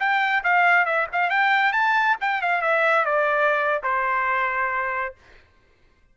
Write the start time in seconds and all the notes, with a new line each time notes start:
0.00 G5
0.44 F5
0.86 E5
1.13 F5
1.30 G5
1.73 A5
2.21 G5
2.42 F5
2.62 E5
3.06 D5
3.84 C5